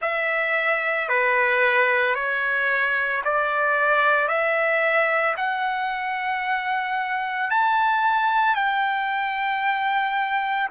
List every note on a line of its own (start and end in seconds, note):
0.01 1.09 E5
1.09 2.14 B4
2.14 3.21 C#5
3.24 4.28 D5
4.28 5.35 E5
5.36 7.50 F#5
7.50 8.55 A5
8.55 10.69 G5